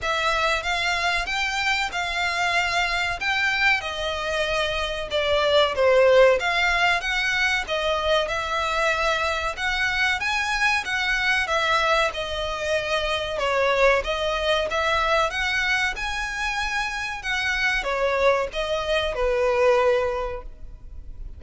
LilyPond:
\new Staff \with { instrumentName = "violin" } { \time 4/4 \tempo 4 = 94 e''4 f''4 g''4 f''4~ | f''4 g''4 dis''2 | d''4 c''4 f''4 fis''4 | dis''4 e''2 fis''4 |
gis''4 fis''4 e''4 dis''4~ | dis''4 cis''4 dis''4 e''4 | fis''4 gis''2 fis''4 | cis''4 dis''4 b'2 | }